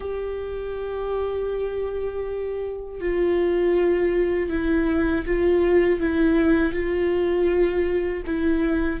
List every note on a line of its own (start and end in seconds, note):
0.00 3.00 G4
3.00 4.50 F4
4.50 5.25 E4
5.25 6.00 F4
6.00 6.73 E4
6.73 8.23 F4
8.26 9.00 E4